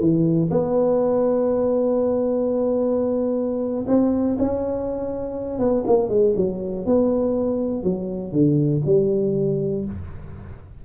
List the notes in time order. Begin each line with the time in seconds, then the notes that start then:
0.00 E3
0.51 B3
3.88 C4
4.39 C#4
5.59 B3
5.87 A#3
6.09 G#3
6.37 F#3
6.86 B3
7.83 F#3
8.32 D3
8.86 G3